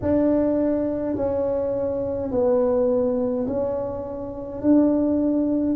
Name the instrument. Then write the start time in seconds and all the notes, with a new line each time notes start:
tuba
0.02 D4
1.15 C#4
2.31 B3
3.47 C#4
4.62 D4